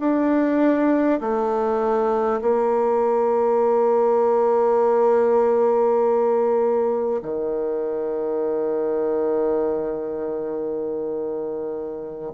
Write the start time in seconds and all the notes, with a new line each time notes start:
0.00 D4
1.21 A3
2.42 A#3
7.23 D#3